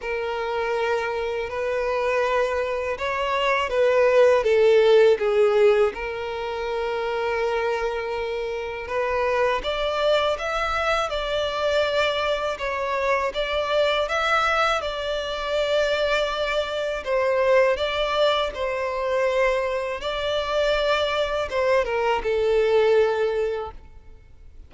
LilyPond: \new Staff \with { instrumentName = "violin" } { \time 4/4 \tempo 4 = 81 ais'2 b'2 | cis''4 b'4 a'4 gis'4 | ais'1 | b'4 d''4 e''4 d''4~ |
d''4 cis''4 d''4 e''4 | d''2. c''4 | d''4 c''2 d''4~ | d''4 c''8 ais'8 a'2 | }